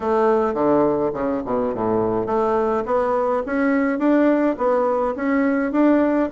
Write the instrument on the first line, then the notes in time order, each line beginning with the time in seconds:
bassoon
0.00 A3
0.54 D3
1.13 C#3
1.45 B2
1.74 A2
2.26 A3
2.85 B3
3.46 C#4
3.98 D4
4.57 B3
5.15 C#4
5.72 D4